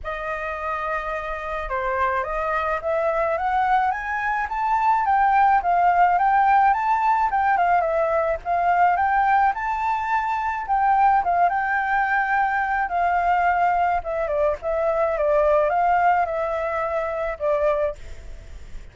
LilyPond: \new Staff \with { instrumentName = "flute" } { \time 4/4 \tempo 4 = 107 dis''2. c''4 | dis''4 e''4 fis''4 gis''4 | a''4 g''4 f''4 g''4 | a''4 g''8 f''8 e''4 f''4 |
g''4 a''2 g''4 | f''8 g''2~ g''8 f''4~ | f''4 e''8 d''8 e''4 d''4 | f''4 e''2 d''4 | }